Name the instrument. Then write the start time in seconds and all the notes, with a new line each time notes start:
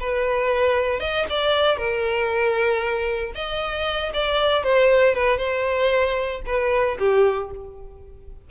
violin
0.00 B4
1.00 D#5
1.29 D5
1.77 A#4
3.35 D#5
4.13 D5
4.63 C5
5.14 B4
5.38 C5
6.46 B4
6.99 G4